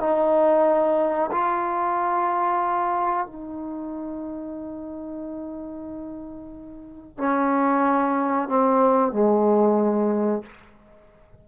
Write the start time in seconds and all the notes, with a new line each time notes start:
0.00 D#4
1.32 F4
3.27 D#4
7.18 C#4
8.49 C4
9.12 G#3